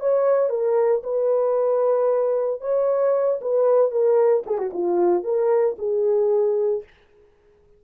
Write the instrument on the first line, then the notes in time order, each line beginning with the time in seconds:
horn
0.00 C#5
0.50 A#4
1.04 B4
2.61 C#5
3.41 B4
3.91 A#4
4.46 G#4
4.58 F#4
4.73 F4
5.24 A#4
5.78 G#4